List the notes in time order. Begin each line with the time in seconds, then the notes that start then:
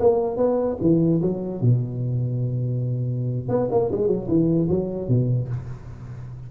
0.00 A#3
0.37 B3
0.81 E3
1.22 F#3
1.61 B2
3.49 B3
3.71 A#3
3.92 G#3
4.08 F#3
4.29 E3
4.69 F#3
5.09 B2